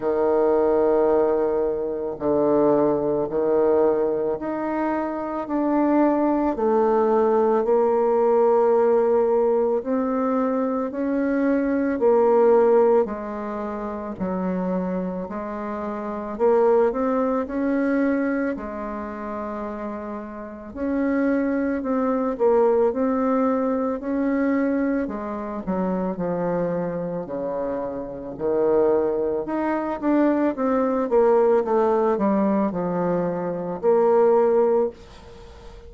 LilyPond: \new Staff \with { instrumentName = "bassoon" } { \time 4/4 \tempo 4 = 55 dis2 d4 dis4 | dis'4 d'4 a4 ais4~ | ais4 c'4 cis'4 ais4 | gis4 fis4 gis4 ais8 c'8 |
cis'4 gis2 cis'4 | c'8 ais8 c'4 cis'4 gis8 fis8 | f4 cis4 dis4 dis'8 d'8 | c'8 ais8 a8 g8 f4 ais4 | }